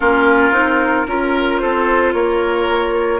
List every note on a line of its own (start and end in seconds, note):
0.00 0.51 A#3
0.00 0.52 C#4
0.00 1.06 F4
0.00 1.59 A#4
0.51 1.05 C4
0.51 1.06 D#4
1.07 1.61 C#4
1.07 3.20 F4
1.07 1.61 A#4
1.59 2.13 C4
1.59 2.14 A4
1.59 2.12 C5
2.13 3.20 A#3
2.13 3.20 A#4
2.13 3.20 C#5